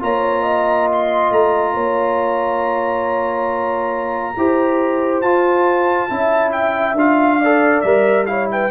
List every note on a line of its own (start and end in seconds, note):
0.00 1.32 A#3
0.00 4.35 F4
0.00 0.43 C#5
0.00 0.90 A#5
0.43 1.73 D#5
0.92 1.33 C6
1.32 1.74 A3
1.32 5.22 A#5
1.74 4.35 A#3
1.74 4.35 C#5
4.37 5.22 E4
4.37 5.24 G4
4.37 6.12 C5
5.22 6.09 F4
5.22 6.10 F4
5.22 6.52 A5
6.10 6.94 C#4
6.10 6.97 E4
6.10 7.40 E5
6.52 6.96 G5
6.94 7.81 D4
6.94 7.41 F4
6.94 7.81 F5
7.40 7.85 A4
7.40 8.27 D5
7.81 8.71 G3
7.81 8.27 A#4
7.81 8.25 E5
8.26 8.71 E4
8.26 8.52 C#5
8.26 8.48 F5
8.52 8.71 B4
8.52 8.71 G5